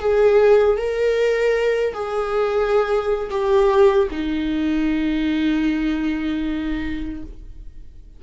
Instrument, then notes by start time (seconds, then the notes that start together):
viola
0.00 G#4
0.77 A#4
1.93 G#4
3.30 G4
4.12 D#4